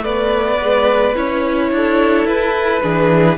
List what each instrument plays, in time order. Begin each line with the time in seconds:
0.00 viola A3, cello B3, violin B4 D5
0.61 viola G#3
1.15 cello C#4, viola E4, violin C#5
1.71 cello D4, violin A4
2.25 cello E4, violin B4
2.82 cello E3, viola D4, violin G#4